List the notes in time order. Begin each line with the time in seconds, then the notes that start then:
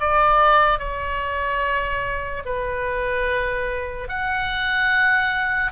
0.00 D5
0.79 C#5
2.45 B4
4.08 F#5